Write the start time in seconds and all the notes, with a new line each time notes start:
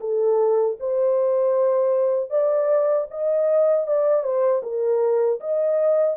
0.00 A4
0.80 C5
2.30 D5
3.10 D#5
3.87 D5
4.23 C5
4.63 A#4
5.40 D#5